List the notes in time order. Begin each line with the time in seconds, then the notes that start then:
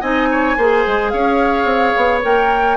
0.00 C4 D#4 D#5 G#5
0.31 C#5
0.56 A#3 G#4 C5
0.86 G#3
1.09 C#4 C#5 F5
1.64 C4
1.96 B3
2.21 A#3 A#4 G5